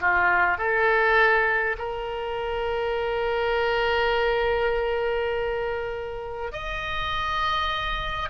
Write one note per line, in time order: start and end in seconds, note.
0.00 0.58 F4
0.58 1.76 A4
1.78 6.52 A#4
6.52 8.29 D#5